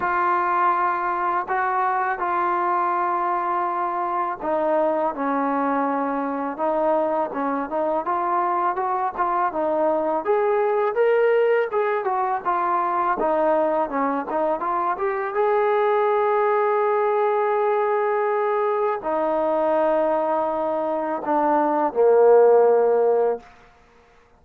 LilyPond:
\new Staff \with { instrumentName = "trombone" } { \time 4/4 \tempo 4 = 82 f'2 fis'4 f'4~ | f'2 dis'4 cis'4~ | cis'4 dis'4 cis'8 dis'8 f'4 | fis'8 f'8 dis'4 gis'4 ais'4 |
gis'8 fis'8 f'4 dis'4 cis'8 dis'8 | f'8 g'8 gis'2.~ | gis'2 dis'2~ | dis'4 d'4 ais2 | }